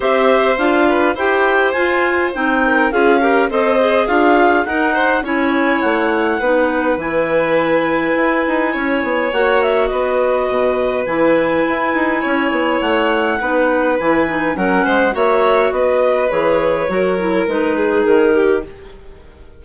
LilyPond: <<
  \new Staff \with { instrumentName = "clarinet" } { \time 4/4 \tempo 4 = 103 e''4 f''4 g''4 gis''4 | g''4 f''4 dis''4 f''4 | fis''4 gis''4 fis''2 | gis''1 |
fis''8 e''8 dis''2 gis''4~ | gis''2 fis''2 | gis''4 fis''4 e''4 dis''4 | cis''2 b'4 ais'4 | }
  \new Staff \with { instrumentName = "violin" } { \time 4/4 c''4. b'8 c''2~ | c''8 ais'8 gis'8 ais'8 c''4 f'4 | ais'8 c''8 cis''2 b'4~ | b'2. cis''4~ |
cis''4 b'2.~ | b'4 cis''2 b'4~ | b'4 ais'8 c''8 cis''4 b'4~ | b'4 ais'4. gis'4 g'8 | }
  \new Staff \with { instrumentName = "clarinet" } { \time 4/4 g'4 f'4 g'4 f'4 | dis'4 f'8 g'8 a'8 gis'4. | dis'4 e'2 dis'4 | e'1 |
fis'2. e'4~ | e'2. dis'4 | e'8 dis'8 cis'4 fis'2 | gis'4 fis'8 e'8 dis'2 | }
  \new Staff \with { instrumentName = "bassoon" } { \time 4/4 c'4 d'4 e'4 f'4 | c'4 cis'4 c'4 d'4 | dis'4 cis'4 a4 b4 | e2 e'8 dis'8 cis'8 b8 |
ais4 b4 b,4 e4 | e'8 dis'8 cis'8 b8 a4 b4 | e4 fis8 gis8 ais4 b4 | e4 fis4 gis4 dis4 | }
>>